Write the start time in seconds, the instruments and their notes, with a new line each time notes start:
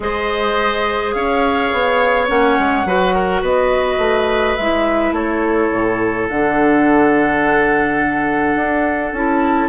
0.00 bassoon G#3, clarinet G#4, oboe C5, flute D#5
1.13 bassoon C#4, oboe C#5, flute F5
1.72 bassoon B3
2.27 bassoon A#3, clarinet C#4, flute F#5
2.58 bassoon G#3
2.84 bassoon F#3, clarinet F#4, oboe B4
3.15 oboe A#4
3.41 bassoon B3, oboe B4, flute D#5
3.97 bassoon A3
4.56 bassoon G#3, clarinet E4, flute E5
5.11 bassoon A3, oboe A4, flute C#5
5.72 bassoon A2
6.28 bassoon D3, clarinet D4, flute F#5
8.55 bassoon D4
9.12 bassoon C#4, clarinet E4, flute A5